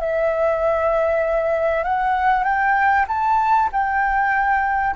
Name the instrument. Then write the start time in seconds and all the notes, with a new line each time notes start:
flute
0.00 E5
1.84 F#5
2.44 G5
3.08 A5
3.72 G5